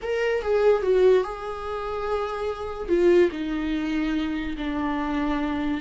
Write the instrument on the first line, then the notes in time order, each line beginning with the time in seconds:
viola
0.02 A#4
0.42 G#4
0.82 F#4
1.24 G#4
2.88 F4
3.31 D#4
4.57 D4